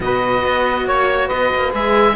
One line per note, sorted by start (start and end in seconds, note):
0.00 0.43 B2
0.00 1.69 F#4
0.00 0.85 B4
0.00 0.87 D#5
0.44 0.86 B3
0.85 1.29 A#3
0.85 1.26 C#5
0.85 1.29 C#5
1.26 1.54 B3
1.26 2.13 B4
1.26 1.72 D#5
1.54 1.73 A#3
1.71 2.15 G#3
1.71 2.14 G#4
1.71 2.15 E5